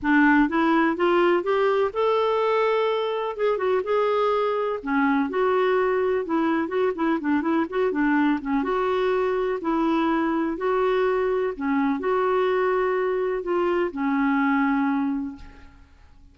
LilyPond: \new Staff \with { instrumentName = "clarinet" } { \time 4/4 \tempo 4 = 125 d'4 e'4 f'4 g'4 | a'2. gis'8 fis'8 | gis'2 cis'4 fis'4~ | fis'4 e'4 fis'8 e'8 d'8 e'8 |
fis'8 d'4 cis'8 fis'2 | e'2 fis'2 | cis'4 fis'2. | f'4 cis'2. | }